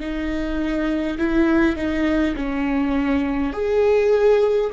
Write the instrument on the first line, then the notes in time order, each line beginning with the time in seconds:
viola
0.00 D#4
1.18 E4
1.76 D#4
2.36 C#4
3.53 G#4